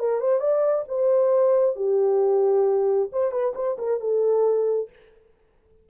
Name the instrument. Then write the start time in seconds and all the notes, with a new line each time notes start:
horn
0.00 A#4
0.21 C5
0.40 D5
0.88 C5
1.76 G4
3.13 C5
3.32 B4
3.55 C5
3.79 A#4
4.01 A4